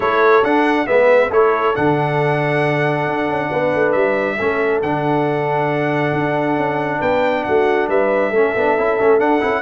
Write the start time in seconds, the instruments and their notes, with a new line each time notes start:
0.00 tuba A3, trombone E4, horn A4, trumpet C#5
0.42 tuba D4, trombone D4, trumpet F#5
0.86 tuba G#3, trombone B3, horn B4, trumpet E5
1.30 tuba A3, trombone E4, horn A4, trumpet C#5
1.75 tuba D3, trombone D4, trumpet F#5
3.06 tuba D4
3.28 tuba C#4
3.50 tuba B3, horn B4
3.74 tuba A3
3.92 tuba G3, trumpet E5
4.36 tuba A3, trombone C#4, horn A4
4.82 tuba D3, trombone D4, trumpet F#5
6.12 tuba D4
6.56 tuba C#4
6.99 tuba B3, horn B4, trumpet G5
7.44 tuba A3, horn F#4, trumpet F#5
7.88 tuba G3, horn B4, trumpet E5
8.29 tuba A3, trombone C#4, horn A4
8.54 tuba B3, trombone D4
8.77 tuba C#4, trombone E4
8.99 tuba A3, trombone C#4
9.19 trombone D4, tuba D4, trumpet F#5
9.40 tuba C#4, trombone E4